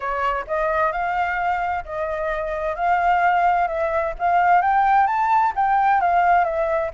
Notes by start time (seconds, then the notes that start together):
0.00 C#5
0.47 D#5
0.92 F5
1.85 D#5
2.75 F5
3.67 E5
4.18 F5
4.61 G5
5.06 A5
5.55 G5
6.00 F5
6.44 E5